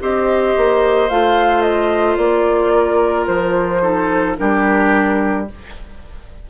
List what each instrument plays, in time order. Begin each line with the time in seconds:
0.00 bassoon C4, clarinet G4, oboe C5, flute D#5
0.57 bassoon A#3
1.09 bassoon A3, clarinet F4, flute F5
1.62 flute D#5
2.17 bassoon A#3, flute D5
2.73 oboe A#4
3.27 bassoon F3, flute C5
3.82 clarinet D#4, oboe A4
4.37 bassoon G3, clarinet D4, oboe G4, flute A#4